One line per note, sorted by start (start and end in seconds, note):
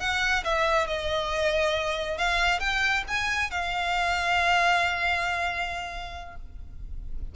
0.00 0.44 F#5
0.44 0.87 E5
0.87 2.18 D#5
2.18 2.60 F5
2.60 3.04 G5
3.08 3.51 G#5
3.51 6.35 F5